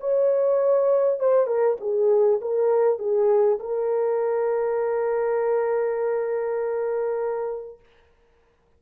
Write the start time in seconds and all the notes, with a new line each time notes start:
0.00 C#5
1.19 C5
1.47 A#4
1.80 G#4
2.41 A#4
2.99 G#4
3.59 A#4